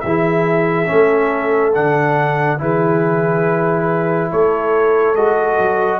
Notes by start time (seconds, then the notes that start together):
0.00 E3 G#4 E5
0.06 E4
0.85 A3 C#4 A4
1.74 D3 D4 F#5
2.58 E3 E4 G#4 B4
4.31 A3 A4 C#5
5.15 G#3 F#4 D#5
5.58 F#3